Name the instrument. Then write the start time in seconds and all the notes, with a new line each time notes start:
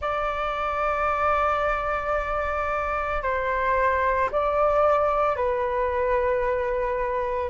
flute
0.00 D5
3.22 C5
4.31 D5
5.36 B4